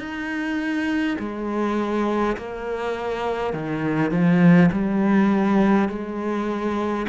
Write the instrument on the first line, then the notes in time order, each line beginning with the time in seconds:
cello
0.00 D#4
1.20 G#3
2.37 A#3
3.53 D#3
4.11 F3
4.72 G3
5.89 G#3